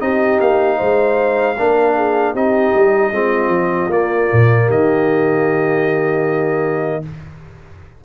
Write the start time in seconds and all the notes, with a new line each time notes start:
0.00 C4 D#4 G4 D#5
0.40 A#3 F5
0.78 G#3 C5
1.58 A#3 D4 A#4
1.96 G#4
2.33 C4 D#4 G4 D#5
2.75 G3
3.12 G#3 C4 F4
3.48 F3
3.90 A#3 D5
4.33 A#2
4.66 D#3 G4 D#5